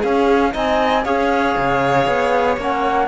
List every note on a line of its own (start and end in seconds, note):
0.00 0.54 C#4
0.00 0.53 C#4
0.00 0.51 G#4
0.00 0.54 F5
0.53 1.06 C4
0.53 1.04 D#4
0.53 1.05 D#5
0.53 1.04 G#5
1.04 1.56 C#4
1.04 2.58 G#4
1.04 3.08 C#5
1.04 2.57 F5
1.58 2.07 C#3
2.07 2.57 B3
2.57 3.08 A#3
2.57 3.08 C#4
2.57 3.08 F#5